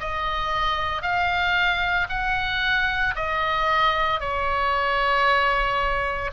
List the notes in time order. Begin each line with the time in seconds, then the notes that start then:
0.00 D#5
1.02 F5
2.09 F#5
3.16 D#5
4.20 C#5